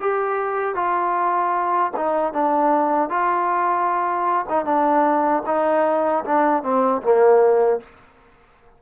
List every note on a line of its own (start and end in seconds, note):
0.00 0.75 G4
0.75 1.92 F4
1.97 2.33 D#4
2.33 3.10 D4
3.10 4.46 F4
4.49 4.65 D#4
4.65 5.43 D4
5.46 6.24 D#4
6.25 6.63 D4
6.63 7.02 C4
7.02 7.80 A#3